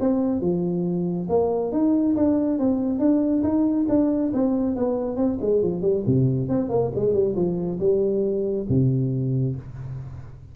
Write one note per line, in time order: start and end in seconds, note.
0.00 0.41 C4
0.41 1.28 F3
1.29 1.72 A#3
1.72 2.16 D#4
2.16 2.59 D4
2.59 2.99 C4
2.99 3.43 D4
3.43 3.87 D#4
3.89 4.32 D4
4.34 4.76 C4
4.76 5.16 B3
5.16 5.38 C4
5.41 5.62 G#3
5.62 5.82 F3
5.82 6.04 G3
6.06 6.49 C3
6.49 6.69 C4
6.69 6.91 A#3
6.95 7.14 G#3
7.14 7.35 G3
7.36 7.79 F3
7.79 8.66 G3
8.69 9.56 C3